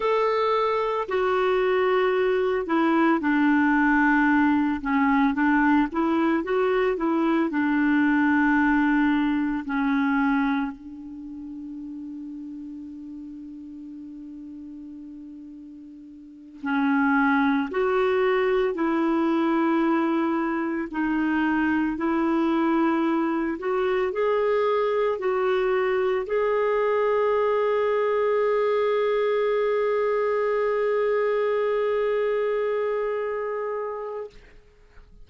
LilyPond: \new Staff \with { instrumentName = "clarinet" } { \time 4/4 \tempo 4 = 56 a'4 fis'4. e'8 d'4~ | d'8 cis'8 d'8 e'8 fis'8 e'8 d'4~ | d'4 cis'4 d'2~ | d'2.~ d'8 cis'8~ |
cis'8 fis'4 e'2 dis'8~ | dis'8 e'4. fis'8 gis'4 fis'8~ | fis'8 gis'2.~ gis'8~ | gis'1 | }